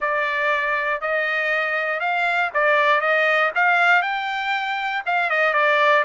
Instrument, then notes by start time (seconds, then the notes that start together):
trumpet
0.00 D5
1.01 D#5
1.99 F5
2.54 D5
3.00 D#5
3.55 F5
4.02 G5
5.06 F5
5.29 D#5
5.53 D5